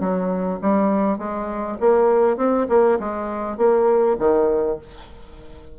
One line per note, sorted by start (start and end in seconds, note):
0.00 0.59 F#3
0.62 1.18 G3
1.18 1.78 G#3
1.80 2.37 A#3
2.37 2.67 C4
2.69 2.99 A#3
2.99 3.57 G#3
3.57 4.17 A#3
4.19 4.78 D#3